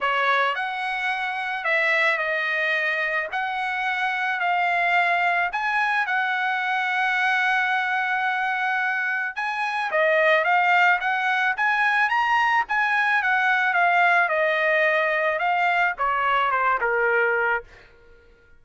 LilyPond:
\new Staff \with { instrumentName = "trumpet" } { \time 4/4 \tempo 4 = 109 cis''4 fis''2 e''4 | dis''2 fis''2 | f''2 gis''4 fis''4~ | fis''1~ |
fis''4 gis''4 dis''4 f''4 | fis''4 gis''4 ais''4 gis''4 | fis''4 f''4 dis''2 | f''4 cis''4 c''8 ais'4. | }